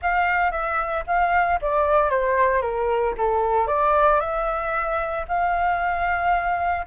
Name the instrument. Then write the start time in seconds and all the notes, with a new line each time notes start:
flute
0.02 F5
0.51 E5
1.06 F5
1.61 D5
2.09 C5
2.61 A#4
3.17 A4
3.67 D5
4.20 E5
5.28 F5